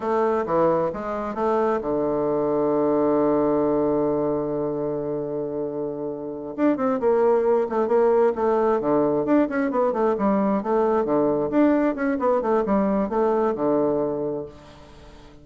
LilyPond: \new Staff \with { instrumentName = "bassoon" } { \time 4/4 \tempo 4 = 133 a4 e4 gis4 a4 | d1~ | d1~ | d2~ d8 d'8 c'8 ais8~ |
ais4 a8 ais4 a4 d8~ | d8 d'8 cis'8 b8 a8 g4 a8~ | a8 d4 d'4 cis'8 b8 a8 | g4 a4 d2 | }